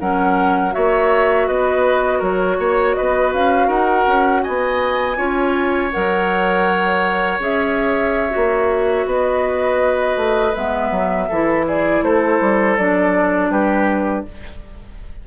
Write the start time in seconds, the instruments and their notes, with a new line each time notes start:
0.00 bassoon F#3, clarinet C#4, oboe A#4, flute F#5
0.71 bassoon A#3, clarinet F#4, oboe C#5, flute E5
1.48 bassoon B3, oboe B4, flute D#5
2.19 bassoon F#3, oboe A#4, flute C#5
2.59 bassoon A#3, oboe C#5
2.95 bassoon B3, oboe B4, flute D#5
3.34 bassoon C#4, flute F5
3.68 bassoon D#4, oboe A#4, flute F#5
4.07 bassoon C#4
4.43 bassoon B3, oboe D#5, flute G#5
5.17 bassoon C#4, clarinet F4, oboe C#5
5.92 bassoon F#3, clarinet A#4, flute F#5
7.39 bassoon C#4, clarinet G#4, flute E5
8.30 clarinet F#4
8.36 bassoon A#3
9.06 bassoon B3, oboe B4, flute D#5
10.17 bassoon A3
10.55 bassoon G#3, clarinet B3, flute E5
10.91 bassoon F#3
11.29 bassoon E3, clarinet E4, oboe A4
11.67 oboe G#4, flute D5
12.02 bassoon A3, oboe A4, flute C5
12.41 bassoon G3
12.77 bassoon F#3, clarinet D4, flute D5
13.50 bassoon G3, oboe G4, flute B4